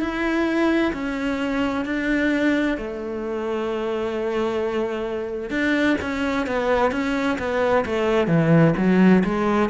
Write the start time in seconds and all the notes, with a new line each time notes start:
0.00 E4
0.93 C#4
1.85 D4
2.77 A3
5.50 D4
6.01 C#4
6.46 B3
6.91 C#4
7.38 B3
7.85 A3
8.27 E3
8.77 F#3
9.24 G#3